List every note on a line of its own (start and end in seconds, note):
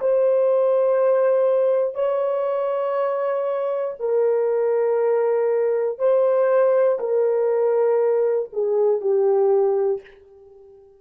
0.00 1.95 C5
1.95 3.95 C#5
4.00 5.99 A#4
5.99 6.99 C5
7.00 8.50 A#4
8.53 9.01 G#4
9.01 10.01 G4